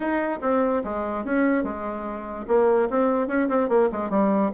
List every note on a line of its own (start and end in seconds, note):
0.00 0.39 D#4
0.41 0.82 C4
0.84 1.24 G#3
1.24 1.63 C#4
1.63 2.45 G#3
2.47 2.88 A#3
2.90 3.27 C4
3.27 3.48 C#4
3.48 3.68 C4
3.68 3.89 A#3
3.92 4.10 G#3
4.10 4.51 G3